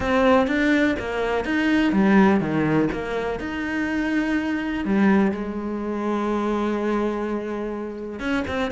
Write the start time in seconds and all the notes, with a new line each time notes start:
0.00 C4
0.47 D4
0.99 A#3
1.45 D#4
1.92 G3
2.40 D#3
2.92 A#3
3.39 D#4
4.85 G3
5.31 G#3
8.19 C#4
8.47 C4